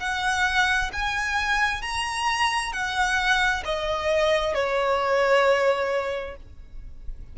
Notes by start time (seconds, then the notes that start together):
0.00 F#5
0.93 G#5
1.82 A#5
2.73 F#5
3.65 D#5
4.54 C#5